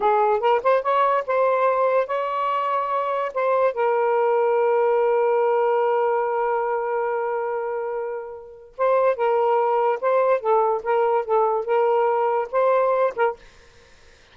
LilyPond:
\new Staff \with { instrumentName = "saxophone" } { \time 4/4 \tempo 4 = 144 gis'4 ais'8 c''8 cis''4 c''4~ | c''4 cis''2. | c''4 ais'2.~ | ais'1~ |
ais'1~ | ais'4 c''4 ais'2 | c''4 a'4 ais'4 a'4 | ais'2 c''4. ais'8 | }